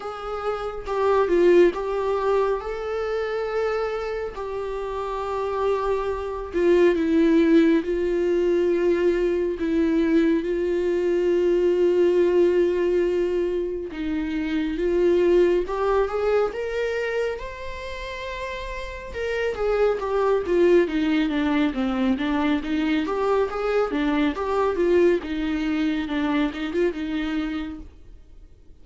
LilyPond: \new Staff \with { instrumentName = "viola" } { \time 4/4 \tempo 4 = 69 gis'4 g'8 f'8 g'4 a'4~ | a'4 g'2~ g'8 f'8 | e'4 f'2 e'4 | f'1 |
dis'4 f'4 g'8 gis'8 ais'4 | c''2 ais'8 gis'8 g'8 f'8 | dis'8 d'8 c'8 d'8 dis'8 g'8 gis'8 d'8 | g'8 f'8 dis'4 d'8 dis'16 f'16 dis'4 | }